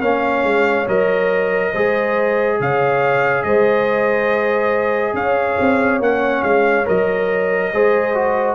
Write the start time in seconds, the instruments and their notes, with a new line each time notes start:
0.00 tuba A#3, trombone C#4, horn C#5, trumpet F5
0.44 tuba G#3
0.88 tuba F#3, trombone A#4, trumpet D#5
1.72 tuba G#3, trombone G#4, horn C5
2.60 tuba C#3, horn C#5, trumpet F5
3.43 tuba G#3, horn C5, trumpet D#5
5.14 tuba C#4, horn C#5, trumpet F5
5.60 tuba C4
6.00 tuba A#3, trombone C#4, trumpet F#5
6.43 tuba G#3, trumpet F5
6.86 tuba F#3, trombone A#4, trumpet D#5
7.73 tuba G#3, trombone G#4, horn C5
8.15 trombone F#4